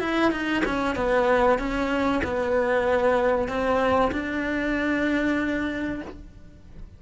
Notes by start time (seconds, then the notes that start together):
0.00 E4
0.31 D#4
0.65 C#4
0.96 B3
1.59 C#4
2.24 B3
3.48 C4
4.12 D4